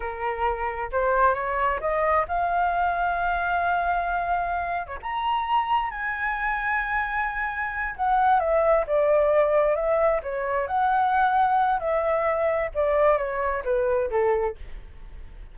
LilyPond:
\new Staff \with { instrumentName = "flute" } { \time 4/4 \tempo 4 = 132 ais'2 c''4 cis''4 | dis''4 f''2.~ | f''2~ f''8. cis''16 ais''4~ | ais''4 gis''2.~ |
gis''4. fis''4 e''4 d''8~ | d''4. e''4 cis''4 fis''8~ | fis''2 e''2 | d''4 cis''4 b'4 a'4 | }